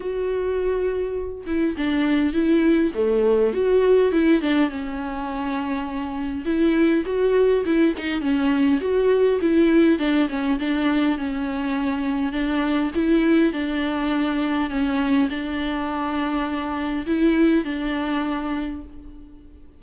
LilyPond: \new Staff \with { instrumentName = "viola" } { \time 4/4 \tempo 4 = 102 fis'2~ fis'8 e'8 d'4 | e'4 a4 fis'4 e'8 d'8 | cis'2. e'4 | fis'4 e'8 dis'8 cis'4 fis'4 |
e'4 d'8 cis'8 d'4 cis'4~ | cis'4 d'4 e'4 d'4~ | d'4 cis'4 d'2~ | d'4 e'4 d'2 | }